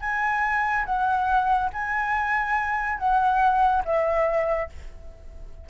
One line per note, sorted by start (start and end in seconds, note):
0.00 0.85 G#5
0.85 1.70 F#5
1.72 2.98 G#5
2.98 3.83 F#5
3.85 4.69 E5